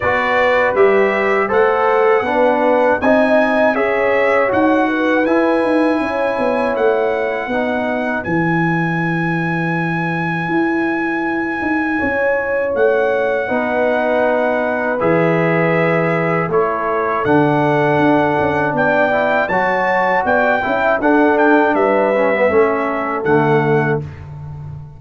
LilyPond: <<
  \new Staff \with { instrumentName = "trumpet" } { \time 4/4 \tempo 4 = 80 d''4 e''4 fis''2 | gis''4 e''4 fis''4 gis''4~ | gis''4 fis''2 gis''4~ | gis''1~ |
gis''4 fis''2. | e''2 cis''4 fis''4~ | fis''4 g''4 a''4 g''4 | fis''8 g''8 e''2 fis''4 | }
  \new Staff \with { instrumentName = "horn" } { \time 4/4 b'2 c''4 b'4 | dis''4 cis''4. b'4. | cis''2 b'2~ | b'1 |
cis''2 b'2~ | b'2 a'2~ | a'4 d''4 cis''4 d''8 e''8 | a'4 b'4 a'2 | }
  \new Staff \with { instrumentName = "trombone" } { \time 4/4 fis'4 g'4 a'4 d'4 | dis'4 gis'4 fis'4 e'4~ | e'2 dis'4 e'4~ | e'1~ |
e'2 dis'2 | gis'2 e'4 d'4~ | d'4. e'8 fis'4. e'8 | d'4. cis'16 b16 cis'4 a4 | }
  \new Staff \with { instrumentName = "tuba" } { \time 4/4 b4 g4 a4 b4 | c'4 cis'4 dis'4 e'8 dis'8 | cis'8 b8 a4 b4 e4~ | e2 e'4. dis'8 |
cis'4 a4 b2 | e2 a4 d4 | d'8 cis'8 b4 fis4 b8 cis'8 | d'4 g4 a4 d4 | }
>>